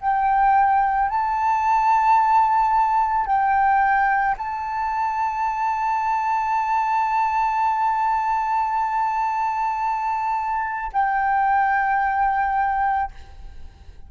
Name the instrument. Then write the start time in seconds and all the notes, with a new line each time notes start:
flute
0.00 G5
1.09 A5
3.26 G5
4.37 A5
10.93 G5